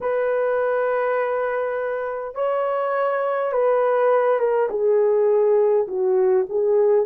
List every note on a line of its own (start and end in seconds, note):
0.01 2.34 B4
2.34 3.52 C#5
3.52 4.39 B4
4.39 4.68 A#4
4.69 5.87 G#4
5.87 6.46 F#4
6.49 7.05 G#4